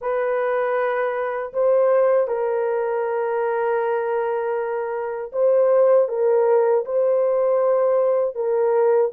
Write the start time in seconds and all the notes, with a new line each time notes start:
0.01 B4
1.53 C5
2.28 A#4
5.32 C5
6.08 A#4
6.85 C5
8.35 A#4